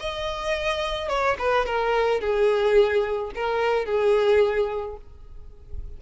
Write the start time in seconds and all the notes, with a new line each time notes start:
0.00 D#5
1.09 C#5
1.39 B4
1.66 A#4
2.21 G#4
3.35 A#4
3.86 G#4